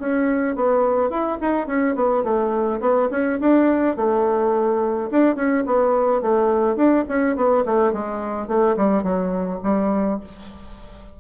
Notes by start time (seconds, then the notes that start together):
0.00 C#4
0.56 B3
1.10 E4
1.41 D#4
1.67 C#4
1.96 B3
2.24 A3
2.81 B3
3.11 C#4
3.41 D4
3.97 A3
5.11 D4
5.36 C#4
5.67 B3
6.22 A3
6.76 D4
7.09 C#4
7.36 B3
7.66 A3
7.93 G#3
8.48 A3
8.77 G3
9.04 F#3
9.64 G3